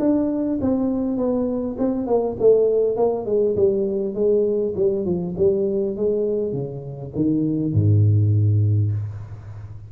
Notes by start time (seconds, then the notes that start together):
0.00 D4
0.62 C4
1.17 B3
1.79 C4
2.07 A#3
2.40 A3
2.96 A#3
3.26 G#3
3.56 G3
4.14 G#3
4.76 G3
5.05 F3
5.37 G3
5.96 G#3
6.53 C#3
7.16 D#3
7.73 G#2